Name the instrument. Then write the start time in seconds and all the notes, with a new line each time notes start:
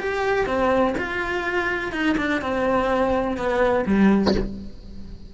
cello
0.00 G4
0.46 C4
0.98 F4
1.93 D#4
2.18 D4
2.42 C4
3.38 B3
3.86 G3